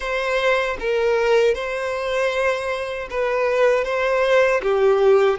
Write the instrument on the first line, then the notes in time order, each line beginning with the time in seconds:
violin
0.00 C5
0.79 A#4
1.54 C5
3.10 B4
3.84 C5
4.62 G4